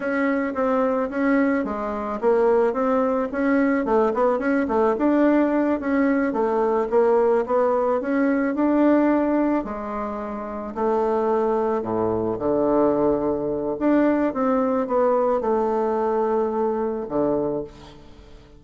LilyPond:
\new Staff \with { instrumentName = "bassoon" } { \time 4/4 \tempo 4 = 109 cis'4 c'4 cis'4 gis4 | ais4 c'4 cis'4 a8 b8 | cis'8 a8 d'4. cis'4 a8~ | a8 ais4 b4 cis'4 d'8~ |
d'4. gis2 a8~ | a4. a,4 d4.~ | d4 d'4 c'4 b4 | a2. d4 | }